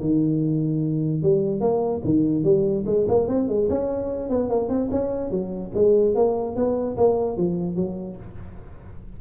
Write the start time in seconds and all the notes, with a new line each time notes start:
0.00 D#3
1.22 G3
1.60 A#3
2.04 D#3
2.43 G3
2.86 G#3
3.08 A#3
3.28 C4
3.48 G#3
3.69 C#4
4.29 B3
4.49 A#3
4.69 C4
4.91 C#4
5.30 F#3
5.74 G#3
6.15 A#3
6.55 B3
6.97 A#3
7.37 F3
7.76 F#3